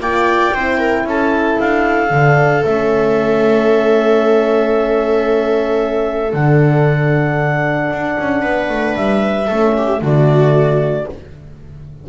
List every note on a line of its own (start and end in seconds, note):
0.00 0.53 A#3
0.00 0.54 F4
0.00 0.54 D5
0.00 1.07 G5
0.53 1.05 C4
0.53 2.10 E4
0.53 0.78 C5
0.78 1.04 A#4
1.05 1.57 C#4
1.05 8.41 A4
1.05 1.60 A5
1.60 2.11 D4
1.60 2.64 F5
2.10 2.63 D3
2.10 2.62 D4
2.62 6.33 A3
2.62 6.31 C#4
2.62 6.32 E5
6.32 7.91 D3
6.32 9.48 D4
6.32 8.96 F#5
7.91 8.17 D4
8.19 8.43 C#4
8.41 8.69 B3
8.41 9.47 B4
8.69 8.96 A3
8.96 9.49 G3
8.96 10.01 E5
9.47 10.01 A3
9.47 10.01 C#4
9.47 9.73 A4
9.77 10.03 G4
10.01 11.07 D3
10.01 11.06 A3
10.01 11.09 F#4
10.01 11.09 D5